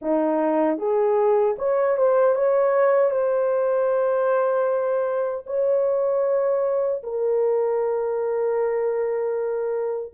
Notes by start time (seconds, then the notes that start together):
0.01 D#4
0.78 G#4
1.58 C#5
1.97 C5
2.35 C#5
3.10 C5
5.46 C#5
7.03 A#4